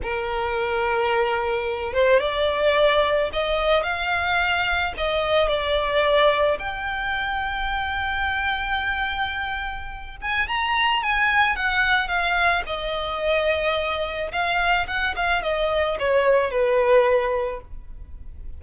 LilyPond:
\new Staff \with { instrumentName = "violin" } { \time 4/4 \tempo 4 = 109 ais'2.~ ais'8 c''8 | d''2 dis''4 f''4~ | f''4 dis''4 d''2 | g''1~ |
g''2~ g''8 gis''8 ais''4 | gis''4 fis''4 f''4 dis''4~ | dis''2 f''4 fis''8 f''8 | dis''4 cis''4 b'2 | }